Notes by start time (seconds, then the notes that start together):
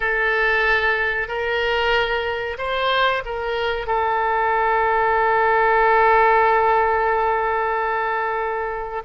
0.00 A4
1.28 A#4
2.58 C5
3.25 A#4
3.86 A4